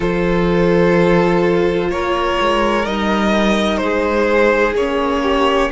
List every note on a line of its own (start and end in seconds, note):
0.00 1.89 F3
0.00 2.84 F4
0.00 1.88 A4
0.00 1.90 C5
1.89 2.36 A#3
1.89 3.83 A#4
1.89 2.85 C#5
2.41 2.86 G#3
2.84 3.80 G3
2.84 4.75 D#4
2.84 3.77 D#5
3.77 4.74 G#3
3.77 4.72 C5
3.83 5.22 G#4
4.74 5.70 A#3
4.74 5.71 C#4
4.74 5.71 C#5
5.22 5.70 G4